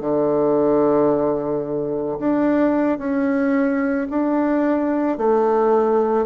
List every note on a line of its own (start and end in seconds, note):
0.00 2.18 D3
2.19 2.98 D4
2.98 4.07 C#4
4.10 5.17 D4
5.17 6.25 A3